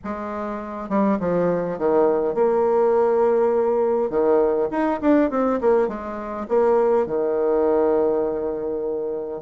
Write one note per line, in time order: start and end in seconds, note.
0.03 0.89 G#3
0.89 1.18 G3
1.19 1.78 F3
1.78 2.34 D#3
2.34 4.10 A#3
4.10 4.68 D#3
4.70 5.00 D#4
5.01 5.30 D4
5.30 5.59 C4
5.60 5.87 A#3
5.87 6.46 G#3
6.48 7.06 A#3
7.06 9.41 D#3